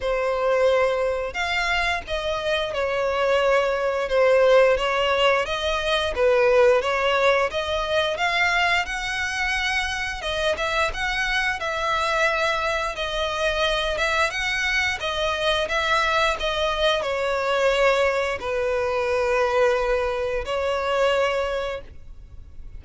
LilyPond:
\new Staff \with { instrumentName = "violin" } { \time 4/4 \tempo 4 = 88 c''2 f''4 dis''4 | cis''2 c''4 cis''4 | dis''4 b'4 cis''4 dis''4 | f''4 fis''2 dis''8 e''8 |
fis''4 e''2 dis''4~ | dis''8 e''8 fis''4 dis''4 e''4 | dis''4 cis''2 b'4~ | b'2 cis''2 | }